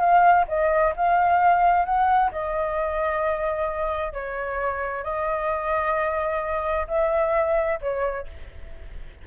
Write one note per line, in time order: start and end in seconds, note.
0.00 0.46 F5
0.49 0.94 D#5
0.97 1.85 F5
1.85 2.31 F#5
2.32 4.13 D#5
4.13 5.04 C#5
5.04 6.87 D#5
6.88 7.80 E5
7.82 8.27 C#5